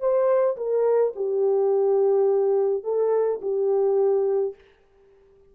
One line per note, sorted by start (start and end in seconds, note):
0.00 0.57 C5
0.57 1.13 A#4
1.16 2.84 G4
2.84 3.40 A4
3.42 4.55 G4